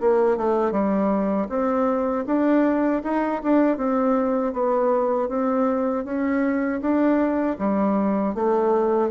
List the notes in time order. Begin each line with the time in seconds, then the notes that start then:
0.00 A#3
0.37 A3
0.71 G3
1.49 C4
2.26 D4
3.03 D#4
3.42 D4
3.76 C4
4.53 B3
5.28 C4
6.04 C#4
6.80 D4
7.58 G3
8.34 A3